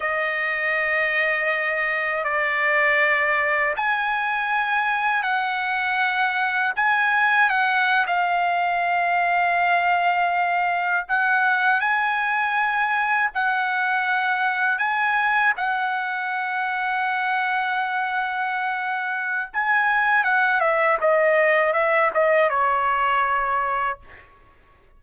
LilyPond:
\new Staff \with { instrumentName = "trumpet" } { \time 4/4 \tempo 4 = 80 dis''2. d''4~ | d''4 gis''2 fis''4~ | fis''4 gis''4 fis''8. f''4~ f''16~ | f''2~ f''8. fis''4 gis''16~ |
gis''4.~ gis''16 fis''2 gis''16~ | gis''8. fis''2.~ fis''16~ | fis''2 gis''4 fis''8 e''8 | dis''4 e''8 dis''8 cis''2 | }